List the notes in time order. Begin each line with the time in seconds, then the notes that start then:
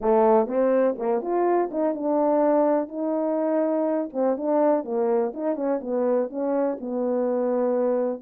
0.01 A3
0.47 C4
0.98 A#3
1.21 F4
1.71 D#4
1.94 D4
2.88 D#4
4.12 C4
4.37 D4
4.84 A#3
5.34 D#4
5.55 C#4
5.81 B3
6.29 C#4
6.80 B3